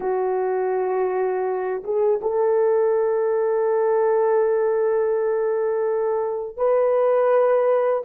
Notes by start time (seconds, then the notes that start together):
0.00 F#4
1.83 G#4
2.21 A4
6.57 B4